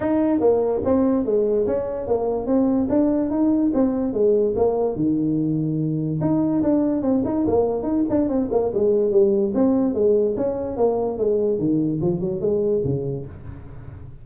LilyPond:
\new Staff \with { instrumentName = "tuba" } { \time 4/4 \tempo 4 = 145 dis'4 ais4 c'4 gis4 | cis'4 ais4 c'4 d'4 | dis'4 c'4 gis4 ais4 | dis2. dis'4 |
d'4 c'8 dis'8 ais4 dis'8 d'8 | c'8 ais8 gis4 g4 c'4 | gis4 cis'4 ais4 gis4 | dis4 f8 fis8 gis4 cis4 | }